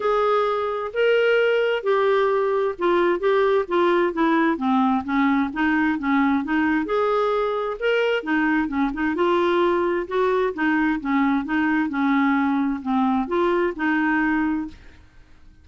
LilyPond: \new Staff \with { instrumentName = "clarinet" } { \time 4/4 \tempo 4 = 131 gis'2 ais'2 | g'2 f'4 g'4 | f'4 e'4 c'4 cis'4 | dis'4 cis'4 dis'4 gis'4~ |
gis'4 ais'4 dis'4 cis'8 dis'8 | f'2 fis'4 dis'4 | cis'4 dis'4 cis'2 | c'4 f'4 dis'2 | }